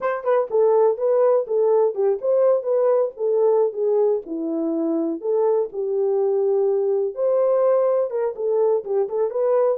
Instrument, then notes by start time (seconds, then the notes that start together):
horn
0.00 C5
0.24 B4
0.50 A4
0.97 B4
1.47 A4
1.94 G4
2.21 C5
2.62 B4
3.16 A4
3.73 G#4
4.26 E4
5.20 A4
5.72 G4
7.14 C5
8.10 A#4
8.35 A4
8.84 G4
9.08 A4
9.30 B4